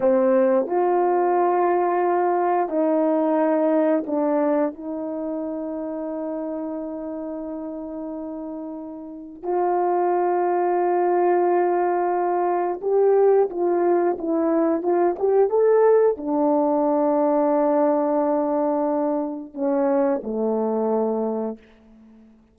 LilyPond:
\new Staff \with { instrumentName = "horn" } { \time 4/4 \tempo 4 = 89 c'4 f'2. | dis'2 d'4 dis'4~ | dis'1~ | dis'2 f'2~ |
f'2. g'4 | f'4 e'4 f'8 g'8 a'4 | d'1~ | d'4 cis'4 a2 | }